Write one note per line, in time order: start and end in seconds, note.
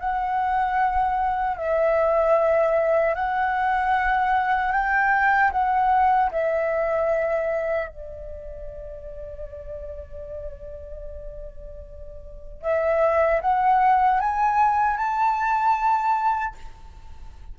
0.00 1.57 F#5
1.57 3.15 E5
3.15 4.73 F#5
4.73 5.52 G5
5.52 6.31 F#5
6.32 7.89 E5
7.89 12.62 D5
12.62 13.41 E5
13.41 14.20 F#5
14.20 14.97 G#5
14.97 16.55 A5